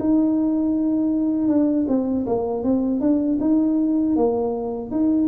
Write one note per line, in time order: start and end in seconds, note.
0.00 1.48 D#4
1.48 1.86 D4
1.88 2.26 C4
2.27 2.64 A#3
2.64 3.01 C4
3.01 3.39 D4
3.41 4.16 D#4
4.16 4.91 A#3
4.91 5.28 D#4